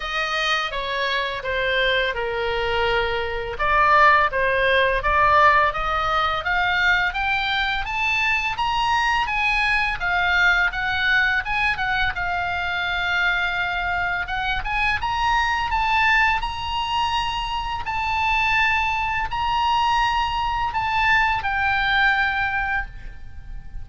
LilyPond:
\new Staff \with { instrumentName = "oboe" } { \time 4/4 \tempo 4 = 84 dis''4 cis''4 c''4 ais'4~ | ais'4 d''4 c''4 d''4 | dis''4 f''4 g''4 a''4 | ais''4 gis''4 f''4 fis''4 |
gis''8 fis''8 f''2. | fis''8 gis''8 ais''4 a''4 ais''4~ | ais''4 a''2 ais''4~ | ais''4 a''4 g''2 | }